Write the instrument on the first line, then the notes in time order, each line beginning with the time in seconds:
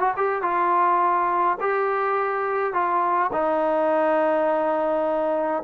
trombone
0.00 F#4
0.17 G4
0.42 F4
1.60 G4
2.74 F4
3.33 D#4